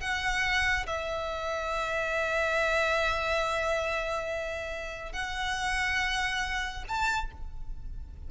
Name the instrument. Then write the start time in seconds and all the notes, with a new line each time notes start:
violin
0.00 F#5
0.86 E5
5.13 F#5
6.88 A5